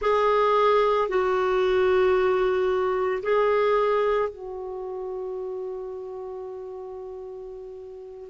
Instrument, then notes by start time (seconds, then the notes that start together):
clarinet
0.01 G#4
1.08 F#4
3.22 G#4
4.29 F#4